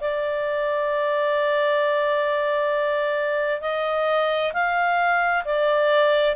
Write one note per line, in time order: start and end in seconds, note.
0.00 3.61 D5
3.61 4.52 D#5
4.53 5.44 F5
5.45 6.36 D5